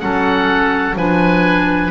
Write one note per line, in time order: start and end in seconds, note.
0.00 0.96 F#3
0.00 0.95 C#4
0.00 0.97 A4
0.00 0.95 F#5
0.96 1.91 F3
0.96 1.91 D4
0.96 1.91 B4
0.96 1.91 G#5